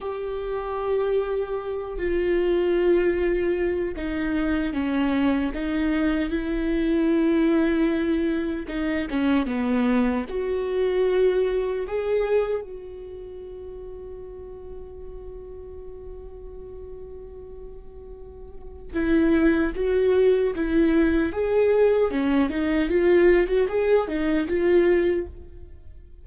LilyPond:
\new Staff \with { instrumentName = "viola" } { \time 4/4 \tempo 4 = 76 g'2~ g'8 f'4.~ | f'4 dis'4 cis'4 dis'4 | e'2. dis'8 cis'8 | b4 fis'2 gis'4 |
fis'1~ | fis'1 | e'4 fis'4 e'4 gis'4 | cis'8 dis'8 f'8. fis'16 gis'8 dis'8 f'4 | }